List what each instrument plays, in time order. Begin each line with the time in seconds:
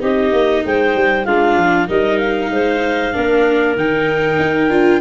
0.00 tuba C4, viola D#4, clarinet G4 D#5
0.32 tuba A#3
0.65 tuba G#3, clarinet C5 G5
0.95 tuba G3
1.25 tuba G#3, viola D4, clarinet F4 F5
1.57 tuba F3
1.88 tuba G3, viola D#4, clarinet A#4 D#5
2.18 clarinet F5
2.51 tuba G#3, clarinet C5
3.13 tuba A#3, viola D4, clarinet A#4
3.76 tuba D#3, viola D#4, clarinet G5
4.39 tuba D#4
4.70 tuba D4, viola F4